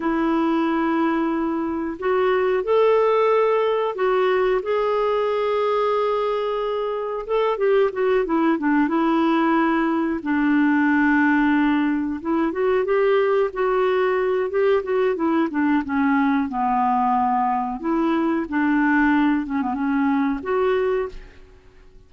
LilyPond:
\new Staff \with { instrumentName = "clarinet" } { \time 4/4 \tempo 4 = 91 e'2. fis'4 | a'2 fis'4 gis'4~ | gis'2. a'8 g'8 | fis'8 e'8 d'8 e'2 d'8~ |
d'2~ d'8 e'8 fis'8 g'8~ | g'8 fis'4. g'8 fis'8 e'8 d'8 | cis'4 b2 e'4 | d'4. cis'16 b16 cis'4 fis'4 | }